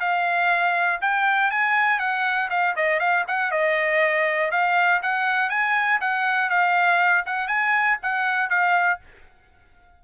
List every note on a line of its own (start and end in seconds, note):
0.00 1.00 F5
1.01 1.50 G5
1.50 1.99 G#5
1.99 2.49 F#5
2.50 2.75 F5
2.76 2.99 D#5
2.99 3.24 F5
3.28 3.51 F#5
3.51 4.51 D#5
4.51 5.01 F5
5.02 5.50 F#5
5.50 6.00 G#5
6.00 6.49 F#5
6.49 7.24 F5
7.26 7.48 F#5
7.48 7.98 G#5
8.02 8.49 F#5
8.49 8.99 F5